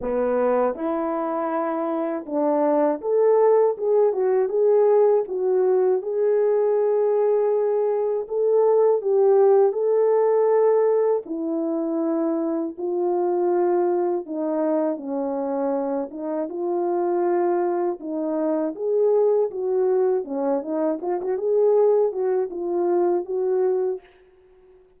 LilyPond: \new Staff \with { instrumentName = "horn" } { \time 4/4 \tempo 4 = 80 b4 e'2 d'4 | a'4 gis'8 fis'8 gis'4 fis'4 | gis'2. a'4 | g'4 a'2 e'4~ |
e'4 f'2 dis'4 | cis'4. dis'8 f'2 | dis'4 gis'4 fis'4 cis'8 dis'8 | f'16 fis'16 gis'4 fis'8 f'4 fis'4 | }